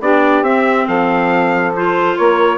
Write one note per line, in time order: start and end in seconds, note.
0.00 0.42 B3
0.00 0.44 D4
0.00 0.87 G4
0.00 0.44 D5
0.42 0.85 C4
0.42 1.75 C4
0.42 0.87 E5
0.87 2.17 F3
0.87 2.16 A4
0.87 1.74 F5
1.76 2.57 F4
1.76 2.17 C5
2.16 2.57 A#3
2.16 2.57 A#4
2.16 2.57 C#5